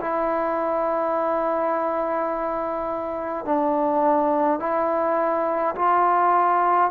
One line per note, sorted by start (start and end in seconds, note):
0.00 3.45 E4
3.45 4.59 D4
4.59 5.74 E4
5.75 6.90 F4